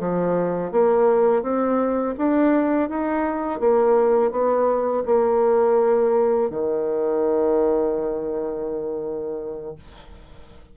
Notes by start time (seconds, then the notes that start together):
0.00 F3
0.72 A#3
1.43 C4
2.18 D4
2.89 D#4
3.60 A#3
4.31 B3
5.06 A#3
6.50 D#3